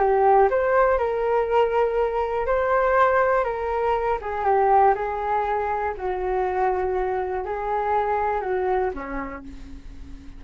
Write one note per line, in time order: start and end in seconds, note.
0.00 0.50 G4
0.51 0.99 C5
0.99 2.47 A#4
2.47 3.44 C5
3.44 4.19 A#4
4.22 4.45 G#4
4.45 4.95 G4
4.95 5.94 G#4
5.98 7.45 F#4
7.45 8.41 G#4
8.41 8.91 F#4
8.94 9.44 C#4